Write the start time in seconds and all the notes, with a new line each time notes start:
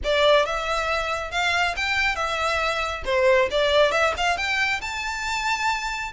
0.04 D5
0.45 E5
1.31 F5
1.76 G5
2.15 E5
3.05 C5
3.50 D5
3.91 E5
4.17 F5
4.37 G5
4.81 A5